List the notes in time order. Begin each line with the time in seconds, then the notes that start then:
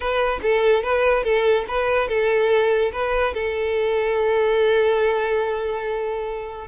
0.00 B4
0.42 A4
0.83 B4
1.23 A4
1.67 B4
2.08 A4
2.92 B4
3.34 A4